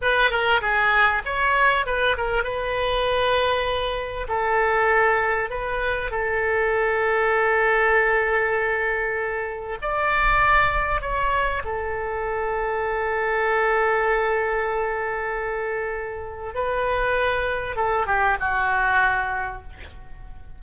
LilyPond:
\new Staff \with { instrumentName = "oboe" } { \time 4/4 \tempo 4 = 98 b'8 ais'8 gis'4 cis''4 b'8 ais'8 | b'2. a'4~ | a'4 b'4 a'2~ | a'1 |
d''2 cis''4 a'4~ | a'1~ | a'2. b'4~ | b'4 a'8 g'8 fis'2 | }